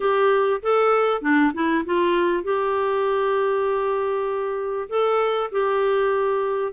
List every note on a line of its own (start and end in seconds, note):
0.00 0.61 G4
0.62 1.21 A4
1.21 1.52 D4
1.53 1.84 E4
1.85 2.43 F4
2.43 4.88 G4
4.89 5.50 A4
5.51 6.72 G4